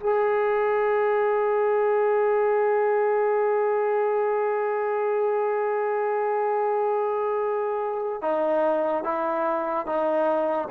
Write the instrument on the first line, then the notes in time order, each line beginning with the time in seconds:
trombone
0.00 G#4
8.22 D#4
9.04 E4
9.86 D#4